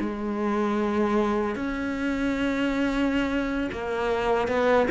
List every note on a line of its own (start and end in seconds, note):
0.00 1.55 G#3
1.55 3.70 C#4
3.72 4.48 A#3
4.48 4.87 B3